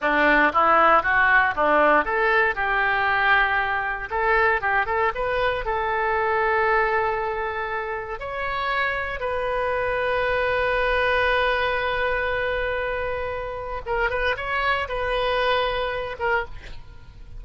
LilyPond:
\new Staff \with { instrumentName = "oboe" } { \time 4/4 \tempo 4 = 117 d'4 e'4 fis'4 d'4 | a'4 g'2. | a'4 g'8 a'8 b'4 a'4~ | a'1 |
cis''2 b'2~ | b'1~ | b'2. ais'8 b'8 | cis''4 b'2~ b'8 ais'8 | }